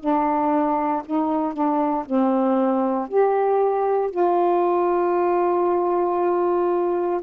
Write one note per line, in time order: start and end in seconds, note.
0.00 1.03 D4
1.06 1.54 D#4
1.54 2.05 D4
2.06 3.09 C4
3.09 4.11 G4
4.11 7.21 F4